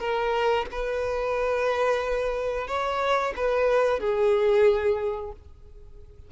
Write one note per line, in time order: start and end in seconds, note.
0.00 0.66 A#4
0.71 2.68 B4
2.68 3.34 C#5
3.36 4.00 B4
4.00 5.32 G#4